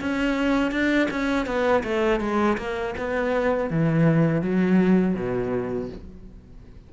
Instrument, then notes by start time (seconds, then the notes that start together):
cello
0.00 C#4
0.71 D4
1.10 C#4
1.46 B3
1.84 A3
2.20 G#3
2.58 A#3
2.97 B3
3.70 E3
4.41 F#3
5.15 B2